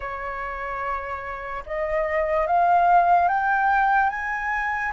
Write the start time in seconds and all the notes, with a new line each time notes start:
0.00 C#5
1.66 D#5
2.47 F5
3.28 G5
4.09 G#5